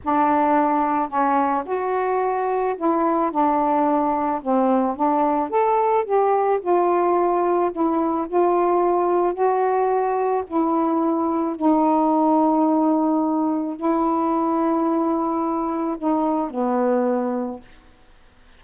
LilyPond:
\new Staff \with { instrumentName = "saxophone" } { \time 4/4 \tempo 4 = 109 d'2 cis'4 fis'4~ | fis'4 e'4 d'2 | c'4 d'4 a'4 g'4 | f'2 e'4 f'4~ |
f'4 fis'2 e'4~ | e'4 dis'2.~ | dis'4 e'2.~ | e'4 dis'4 b2 | }